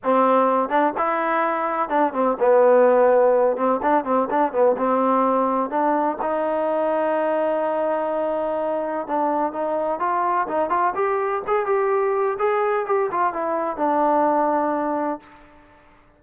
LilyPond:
\new Staff \with { instrumentName = "trombone" } { \time 4/4 \tempo 4 = 126 c'4. d'8 e'2 | d'8 c'8 b2~ b8 c'8 | d'8 c'8 d'8 b8 c'2 | d'4 dis'2.~ |
dis'2. d'4 | dis'4 f'4 dis'8 f'8 g'4 | gis'8 g'4. gis'4 g'8 f'8 | e'4 d'2. | }